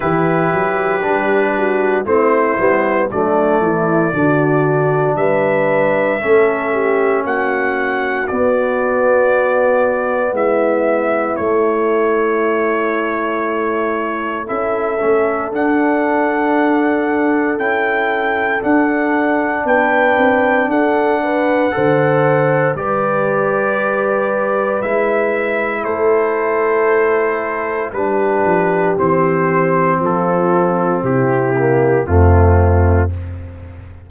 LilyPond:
<<
  \new Staff \with { instrumentName = "trumpet" } { \time 4/4 \tempo 4 = 58 b'2 c''4 d''4~ | d''4 e''2 fis''4 | d''2 e''4 cis''4~ | cis''2 e''4 fis''4~ |
fis''4 g''4 fis''4 g''4 | fis''2 d''2 | e''4 c''2 b'4 | c''4 a'4 g'4 f'4 | }
  \new Staff \with { instrumentName = "horn" } { \time 4/4 g'4. fis'8 e'4 d'8 e'8 | fis'4 b'4 a'8 g'8 fis'4~ | fis'2 e'2~ | e'2 a'2~ |
a'2. b'4 | a'8 b'8 c''4 b'2~ | b'4 a'2 g'4~ | g'4 f'4 e'4 c'4 | }
  \new Staff \with { instrumentName = "trombone" } { \time 4/4 e'4 d'4 c'8 b8 a4 | d'2 cis'2 | b2. a4~ | a2 e'8 cis'8 d'4~ |
d'4 e'4 d'2~ | d'4 a'4 g'2 | e'2. d'4 | c'2~ c'8 ais8 a4 | }
  \new Staff \with { instrumentName = "tuba" } { \time 4/4 e8 fis8 g4 a8 g8 fis8 e8 | d4 g4 a4 ais4 | b2 gis4 a4~ | a2 cis'8 a8 d'4~ |
d'4 cis'4 d'4 b8 c'8 | d'4 d4 g2 | gis4 a2 g8 f8 | e4 f4 c4 f,4 | }
>>